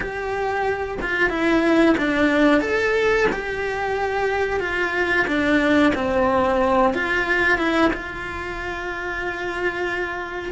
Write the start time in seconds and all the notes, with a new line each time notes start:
0.00 G4
1.01 F4
1.29 E4
1.98 D4
2.61 A4
3.32 G4
4.60 F4
5.27 D4
5.95 C4
6.94 F4
7.58 E4
7.93 F4